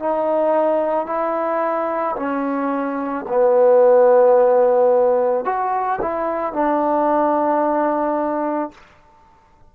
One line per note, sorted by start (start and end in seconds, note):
0.00 1.07 D#4
1.07 2.16 E4
2.17 3.26 C#4
3.29 5.45 B3
5.45 6.00 F#4
6.02 6.54 E4
6.54 8.72 D4